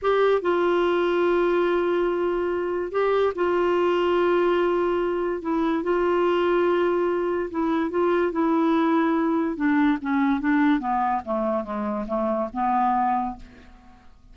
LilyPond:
\new Staff \with { instrumentName = "clarinet" } { \time 4/4 \tempo 4 = 144 g'4 f'2.~ | f'2. g'4 | f'1~ | f'4 e'4 f'2~ |
f'2 e'4 f'4 | e'2. d'4 | cis'4 d'4 b4 a4 | gis4 a4 b2 | }